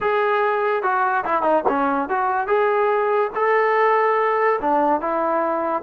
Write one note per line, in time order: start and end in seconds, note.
0.00 0.82 G#4
0.82 1.24 F#4
1.24 1.42 E4
1.42 1.63 D#4
1.68 2.09 C#4
2.09 2.47 F#4
2.47 3.30 G#4
3.35 4.60 A4
4.61 5.00 D4
5.00 5.82 E4